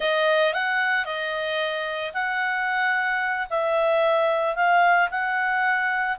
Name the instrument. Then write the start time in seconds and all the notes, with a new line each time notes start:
clarinet
0.00 D#5
0.53 F#5
1.05 D#5
2.13 F#5
3.50 E5
4.55 F5
5.10 F#5